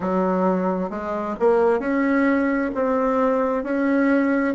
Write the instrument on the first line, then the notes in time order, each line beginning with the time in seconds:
bassoon
0.00 F#3
0.90 G#3
1.39 A#3
1.79 C#4
2.74 C4
3.63 C#4